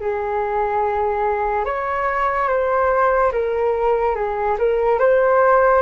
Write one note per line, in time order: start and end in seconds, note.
0.00 1.65 G#4
1.65 2.48 C#5
2.48 3.31 C5
3.32 4.15 A#4
4.15 4.57 G#4
4.58 4.99 A#4
4.99 5.82 C5